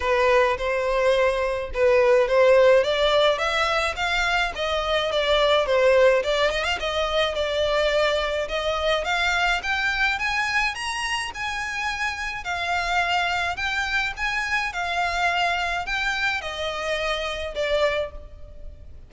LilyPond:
\new Staff \with { instrumentName = "violin" } { \time 4/4 \tempo 4 = 106 b'4 c''2 b'4 | c''4 d''4 e''4 f''4 | dis''4 d''4 c''4 d''8 dis''16 f''16 | dis''4 d''2 dis''4 |
f''4 g''4 gis''4 ais''4 | gis''2 f''2 | g''4 gis''4 f''2 | g''4 dis''2 d''4 | }